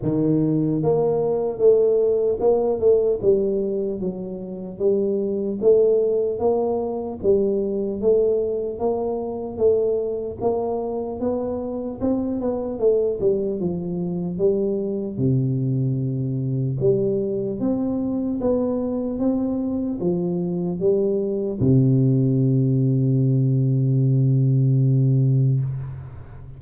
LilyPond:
\new Staff \with { instrumentName = "tuba" } { \time 4/4 \tempo 4 = 75 dis4 ais4 a4 ais8 a8 | g4 fis4 g4 a4 | ais4 g4 a4 ais4 | a4 ais4 b4 c'8 b8 |
a8 g8 f4 g4 c4~ | c4 g4 c'4 b4 | c'4 f4 g4 c4~ | c1 | }